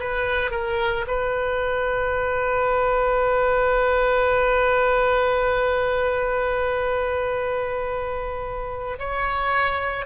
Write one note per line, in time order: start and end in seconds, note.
0.00 0.51 B4
0.51 1.06 A#4
1.08 8.99 B4
8.99 10.06 C#5